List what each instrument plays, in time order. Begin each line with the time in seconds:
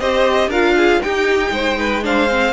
0.00 cello C4, viola G4, violin C5 D#5
0.47 cello D4, viola F4, violin A#4 F5
0.77 violin G#4
1.02 viola D#4, cello D#4, violin G4 G5
1.51 cello G#3, violin C5
1.78 violin B4
2.03 viola D4, violin C5 F5
2.29 viola C4